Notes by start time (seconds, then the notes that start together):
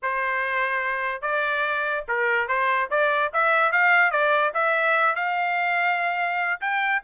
0.02 C5
1.21 D5
2.07 A#4
2.48 C5
2.90 D5
3.33 E5
3.71 F5
4.11 D5
4.53 E5
5.15 F5
6.61 G5